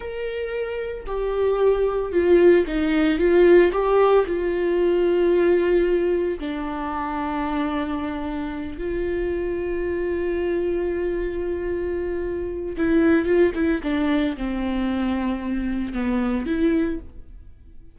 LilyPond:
\new Staff \with { instrumentName = "viola" } { \time 4/4 \tempo 4 = 113 ais'2 g'2 | f'4 dis'4 f'4 g'4 | f'1 | d'1~ |
d'8 f'2.~ f'8~ | f'1 | e'4 f'8 e'8 d'4 c'4~ | c'2 b4 e'4 | }